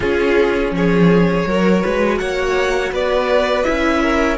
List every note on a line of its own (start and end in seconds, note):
0.00 0.71 C#4
0.00 1.48 C#4
0.00 0.72 F4
0.00 0.73 G#4
0.71 1.44 F3
0.71 1.47 G#4
0.71 2.18 C#5
1.46 1.83 F#3
1.46 3.64 F#4
1.46 1.81 A#4
1.81 2.20 G#3
1.81 2.18 B4
2.18 2.91 A#3
2.18 2.92 C#5
2.18 2.91 F#5
2.91 3.65 B3
2.91 4.01 B4
2.91 3.63 D5
3.63 4.38 C#4
3.63 4.37 E4
3.63 4.36 E5
4.01 4.38 A#4